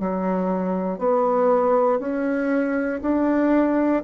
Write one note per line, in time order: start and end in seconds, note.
0.00 0.99 F#3
0.99 2.00 B3
2.00 3.01 C#4
3.02 4.04 D4